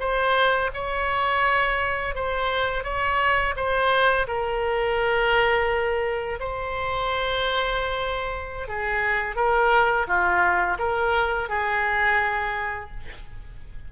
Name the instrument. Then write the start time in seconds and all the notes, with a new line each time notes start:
oboe
0.00 C5
0.74 C#5
2.15 C5
2.84 C#5
3.56 C5
4.27 A#4
6.40 C5
8.68 G#4
9.36 A#4
10.07 F4
10.79 A#4
11.49 G#4